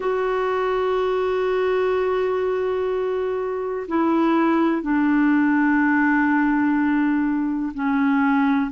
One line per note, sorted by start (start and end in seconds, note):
0.00 3.87 F#4
3.88 4.82 E4
4.82 7.72 D4
7.74 8.71 C#4